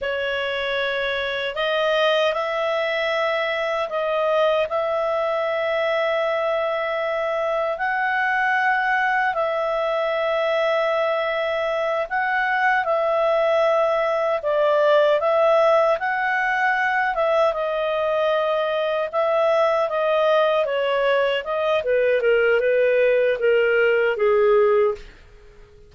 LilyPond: \new Staff \with { instrumentName = "clarinet" } { \time 4/4 \tempo 4 = 77 cis''2 dis''4 e''4~ | e''4 dis''4 e''2~ | e''2 fis''2 | e''2.~ e''8 fis''8~ |
fis''8 e''2 d''4 e''8~ | e''8 fis''4. e''8 dis''4.~ | dis''8 e''4 dis''4 cis''4 dis''8 | b'8 ais'8 b'4 ais'4 gis'4 | }